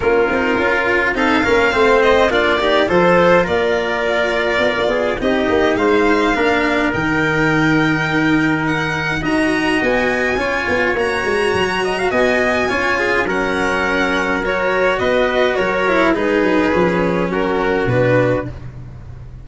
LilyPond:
<<
  \new Staff \with { instrumentName = "violin" } { \time 4/4 \tempo 4 = 104 ais'2 f''4. dis''8 | d''4 c''4 d''2~ | d''4 dis''4 f''2 | g''2. fis''4 |
ais''4 gis''2 ais''4~ | ais''4 gis''2 fis''4~ | fis''4 cis''4 dis''4 cis''4 | b'2 ais'4 b'4 | }
  \new Staff \with { instrumentName = "trumpet" } { \time 4/4 f'2 a'8 ais'8 c''4 | f'8 g'8 a'4 ais'2~ | ais'8 gis'8 g'4 c''4 ais'4~ | ais'1 |
dis''2 cis''2~ | cis''8 dis''16 f''16 dis''4 cis''8 gis'8 ais'4~ | ais'2 b'4 ais'4 | gis'2 fis'2 | }
  \new Staff \with { instrumentName = "cello" } { \time 4/4 cis'8 dis'8 f'4 dis'8 cis'8 c'4 | d'8 dis'8 f'2.~ | f'4 dis'2 d'4 | dis'1 |
fis'2 f'4 fis'4~ | fis'2 f'4 cis'4~ | cis'4 fis'2~ fis'8 e'8 | dis'4 cis'2 d'4 | }
  \new Staff \with { instrumentName = "tuba" } { \time 4/4 ais8 c'8 cis'4 c'8 ais8 a4 | ais4 f4 ais2 | b16 ais16 b8 c'8 ais8 gis4 ais4 | dis1 |
dis'4 b4 cis'8 b8 ais8 gis8 | fis4 b4 cis'4 fis4~ | fis2 b4 fis4 | gis8 fis8 f4 fis4 b,4 | }
>>